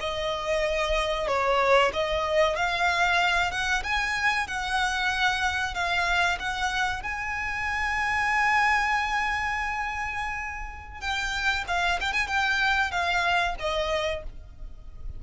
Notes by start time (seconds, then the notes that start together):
0.00 D#5
1.28 C#5
1.93 D#5
2.56 F5
3.51 F#5
3.83 G#5
4.47 F#5
5.75 F5
6.39 F#5
7.03 G#5
11.01 G5
11.68 F5
12.00 G5
12.13 G#5
12.28 G5
12.91 F5
13.60 D#5